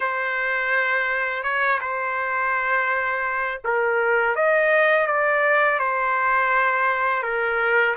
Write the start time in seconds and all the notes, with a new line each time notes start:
0.00 C5
1.43 C#5
1.81 C5
3.64 A#4
4.35 D#5
5.06 D5
5.79 C5
7.23 A#4